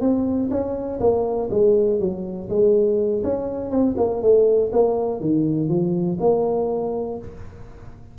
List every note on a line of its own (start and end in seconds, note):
0.00 0.49 C4
0.50 0.99 C#4
1.00 1.49 A#3
1.50 1.99 G#3
1.99 2.48 F#3
2.49 3.22 G#3
3.23 3.70 C#4
3.70 3.95 C4
3.97 4.22 A#3
4.22 4.71 A3
4.72 5.20 A#3
5.20 5.68 D#3
5.68 6.18 F3
6.20 7.18 A#3